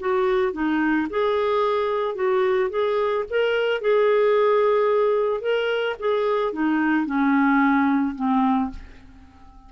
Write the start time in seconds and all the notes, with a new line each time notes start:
0.00 F#4
0.53 D#4
1.10 G#4
2.15 F#4
2.70 G#4
3.30 A#4
3.81 G#4
5.41 A#4
6.00 G#4
6.53 D#4
7.06 C#4
8.16 C4